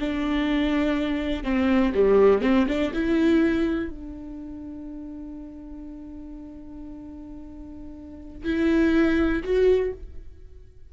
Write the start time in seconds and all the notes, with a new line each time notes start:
0.00 D4
1.44 C4
1.94 G3
2.42 C4
2.68 D4
2.94 E4
3.90 D4
8.45 E4
9.44 F#4